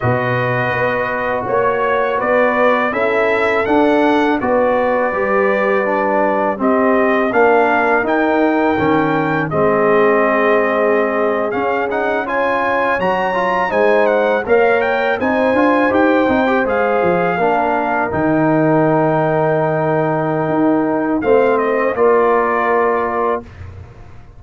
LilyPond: <<
  \new Staff \with { instrumentName = "trumpet" } { \time 4/4 \tempo 4 = 82 dis''2 cis''4 d''4 | e''4 fis''4 d''2~ | d''4 dis''4 f''4 g''4~ | g''4 dis''2~ dis''8. f''16~ |
f''16 fis''8 gis''4 ais''4 gis''8 fis''8 f''16~ | f''16 g''8 gis''4 g''4 f''4~ f''16~ | f''8. g''2.~ g''16~ | g''4 f''8 dis''8 d''2 | }
  \new Staff \with { instrumentName = "horn" } { \time 4/4 b'2 cis''4 b'4 | a'2 b'2~ | b'4 g'4 ais'2~ | ais'4 gis'2.~ |
gis'8. cis''2 c''4 cis''16~ | cis''8. c''2. ais'16~ | ais'1~ | ais'4 c''4 ais'2 | }
  \new Staff \with { instrumentName = "trombone" } { \time 4/4 fis'1 | e'4 d'4 fis'4 g'4 | d'4 c'4 d'4 dis'4 | cis'4 c'2~ c'8. cis'16~ |
cis'16 dis'8 f'4 fis'8 f'8 dis'4 ais'16~ | ais'8. dis'8 f'8 g'8 dis'16 g'16 gis'4 d'16~ | d'8. dis'2.~ dis'16~ | dis'4 c'4 f'2 | }
  \new Staff \with { instrumentName = "tuba" } { \time 4/4 b,4 b4 ais4 b4 | cis'4 d'4 b4 g4~ | g4 c'4 ais4 dis'4 | dis4 gis2~ gis8. cis'16~ |
cis'4.~ cis'16 fis4 gis4 ais16~ | ais8. c'8 d'8 dis'8 c'8 gis8 f8 ais16~ | ais8. dis2.~ dis16 | dis'4 a4 ais2 | }
>>